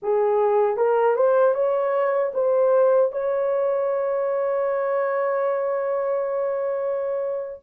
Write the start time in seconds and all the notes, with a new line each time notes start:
0.02 G#4
0.77 A#4
1.16 C5
1.54 C#5
2.34 C5
3.12 C#5